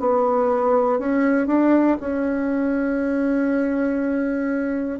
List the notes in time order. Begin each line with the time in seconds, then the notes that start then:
0.00 B3
1.00 C#4
1.47 D4
2.00 C#4